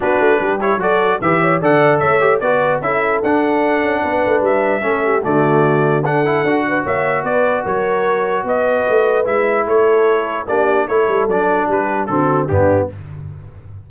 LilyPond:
<<
  \new Staff \with { instrumentName = "trumpet" } { \time 4/4 \tempo 4 = 149 b'4. cis''8 d''4 e''4 | fis''4 e''4 d''4 e''4 | fis''2. e''4~ | e''4 d''2 fis''4~ |
fis''4 e''4 d''4 cis''4~ | cis''4 dis''2 e''4 | cis''2 d''4 cis''4 | d''4 b'4 a'4 g'4 | }
  \new Staff \with { instrumentName = "horn" } { \time 4/4 fis'4 g'4 a'4 b'8 cis''8 | d''4 cis''4 b'4 a'4~ | a'2 b'2 | a'8 g'8 fis'2 a'4~ |
a'8 b'8 cis''4 b'4 ais'4~ | ais'4 b'2. | a'2 g'4 a'4~ | a'4 g'4 fis'4 d'4 | }
  \new Staff \with { instrumentName = "trombone" } { \time 4/4 d'4. e'8 fis'4 g'4 | a'4. g'8 fis'4 e'4 | d'1 | cis'4 a2 d'8 e'8 |
fis'1~ | fis'2. e'4~ | e'2 d'4 e'4 | d'2 c'4 b4 | }
  \new Staff \with { instrumentName = "tuba" } { \time 4/4 b8 a8 g4 fis4 e4 | d4 a4 b4 cis'4 | d'4. cis'8 b8 a8 g4 | a4 d2. |
d'4 ais4 b4 fis4~ | fis4 b4 a4 gis4 | a2 ais4 a8 g8 | fis4 g4 d4 g,4 | }
>>